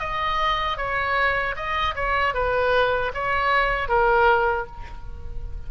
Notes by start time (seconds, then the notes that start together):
0.00 D#5
0.78 C#5
1.56 D#5
1.96 C#5
2.34 B4
3.15 C#5
3.89 A#4